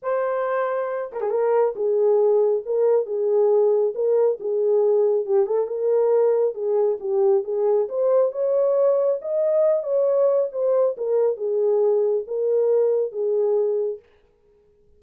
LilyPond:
\new Staff \with { instrumentName = "horn" } { \time 4/4 \tempo 4 = 137 c''2~ c''8 ais'16 gis'16 ais'4 | gis'2 ais'4 gis'4~ | gis'4 ais'4 gis'2 | g'8 a'8 ais'2 gis'4 |
g'4 gis'4 c''4 cis''4~ | cis''4 dis''4. cis''4. | c''4 ais'4 gis'2 | ais'2 gis'2 | }